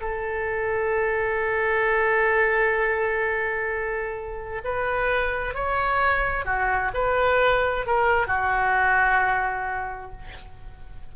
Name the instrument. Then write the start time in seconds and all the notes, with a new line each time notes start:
oboe
0.00 A4
4.64 B4
5.54 C#5
6.45 F#4
6.94 B4
7.86 A#4
8.27 F#4